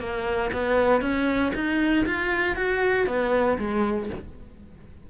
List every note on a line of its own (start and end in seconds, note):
0.00 0.51 A#3
0.53 1.01 B3
1.01 1.52 C#4
1.55 2.06 D#4
2.06 2.56 F4
2.56 3.07 F#4
3.07 3.58 B3
3.58 4.09 G#3